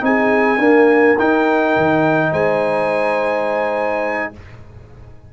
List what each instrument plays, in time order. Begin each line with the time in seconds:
0.00 tuba C4, trombone D#4, horn G#4, trumpet G#5
0.58 trombone A#3, tuba D4, horn A#4
1.18 tuba D#4, trombone D#4, trumpet G5
1.76 tuba D#3
2.31 tuba G#3, horn C5, trumpet G#5